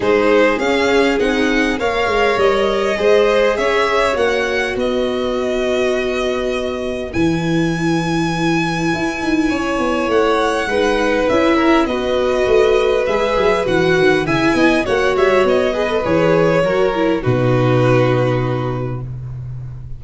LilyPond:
<<
  \new Staff \with { instrumentName = "violin" } { \time 4/4 \tempo 4 = 101 c''4 f''4 fis''4 f''4 | dis''2 e''4 fis''4 | dis''1 | gis''1~ |
gis''4 fis''2 e''4 | dis''2 e''4 fis''4 | gis''4 fis''8 e''8 dis''4 cis''4~ | cis''4 b'2. | }
  \new Staff \with { instrumentName = "violin" } { \time 4/4 gis'2. cis''4~ | cis''4 c''4 cis''2 | b'1~ | b'1 |
cis''2 b'4. ais'8 | b'1 | e''8 dis''8 cis''4. b'4. | ais'4 fis'2. | }
  \new Staff \with { instrumentName = "viola" } { \time 4/4 dis'4 cis'4 dis'4 ais'4~ | ais'4 gis'2 fis'4~ | fis'1 | e'1~ |
e'2 dis'4 e'4 | fis'2 gis'4 fis'4 | e'4 fis'4. gis'16 a'16 gis'4 | fis'8 e'8 dis'2. | }
  \new Staff \with { instrumentName = "tuba" } { \time 4/4 gis4 cis'4 c'4 ais8 gis8 | g4 gis4 cis'4 ais4 | b1 | e2. e'8 dis'8 |
cis'8 b8 a4 gis4 cis'4 | b4 a4 gis8 fis8 e8 dis8 | cis8 b8 ais8 g8 b4 e4 | fis4 b,2. | }
>>